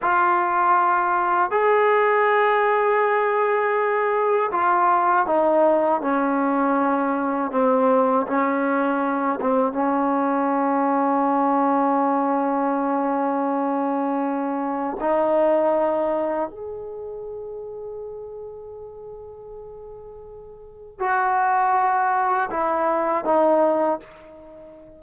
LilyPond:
\new Staff \with { instrumentName = "trombone" } { \time 4/4 \tempo 4 = 80 f'2 gis'2~ | gis'2 f'4 dis'4 | cis'2 c'4 cis'4~ | cis'8 c'8 cis'2.~ |
cis'1 | dis'2 gis'2~ | gis'1 | fis'2 e'4 dis'4 | }